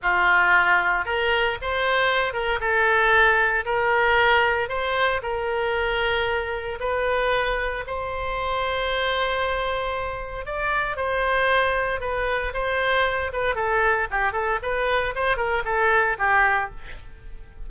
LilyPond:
\new Staff \with { instrumentName = "oboe" } { \time 4/4 \tempo 4 = 115 f'2 ais'4 c''4~ | c''8 ais'8 a'2 ais'4~ | ais'4 c''4 ais'2~ | ais'4 b'2 c''4~ |
c''1 | d''4 c''2 b'4 | c''4. b'8 a'4 g'8 a'8 | b'4 c''8 ais'8 a'4 g'4 | }